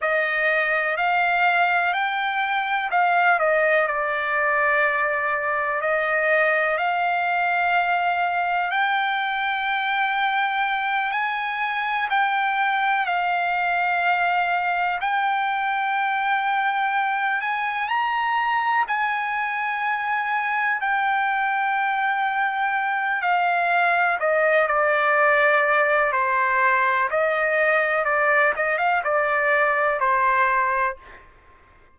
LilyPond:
\new Staff \with { instrumentName = "trumpet" } { \time 4/4 \tempo 4 = 62 dis''4 f''4 g''4 f''8 dis''8 | d''2 dis''4 f''4~ | f''4 g''2~ g''8 gis''8~ | gis''8 g''4 f''2 g''8~ |
g''2 gis''8 ais''4 gis''8~ | gis''4. g''2~ g''8 | f''4 dis''8 d''4. c''4 | dis''4 d''8 dis''16 f''16 d''4 c''4 | }